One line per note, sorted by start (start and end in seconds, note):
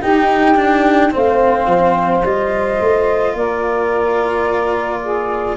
0.00 0.56 D#4
0.00 1.15 D#4
0.00 1.11 G4
0.00 1.13 G5
0.56 1.11 D4
1.11 1.66 A3
1.11 2.22 C4
1.11 3.35 C5
1.11 2.25 F5
1.66 2.22 F3
2.23 2.79 G3
2.23 5.57 F4
2.23 3.36 D#5
2.81 3.34 A3
3.34 5.56 A#3
3.34 5.02 A#4
3.34 5.57 D5
5.02 5.57 G#4